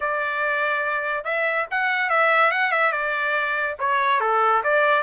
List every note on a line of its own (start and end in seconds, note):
0.00 1.24 D5
1.24 1.66 E5
1.70 2.09 F#5
2.09 2.51 E5
2.51 2.71 F#5
2.71 2.92 E5
2.92 3.76 D5
3.79 4.20 C#5
4.20 4.62 A4
4.63 5.02 D5